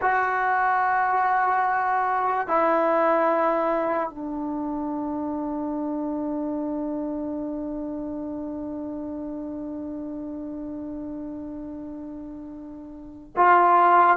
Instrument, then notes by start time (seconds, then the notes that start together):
trombone
0.01 F#4
2.47 E4
4.09 D4
13.36 F4